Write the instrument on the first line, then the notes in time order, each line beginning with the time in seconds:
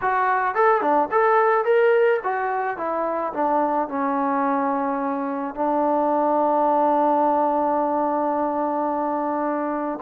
trombone
0.01 F#4
0.54 A4
0.81 D4
1.11 A4
1.64 A#4
2.23 F#4
2.77 E4
3.33 D4
3.88 C#4
5.54 D4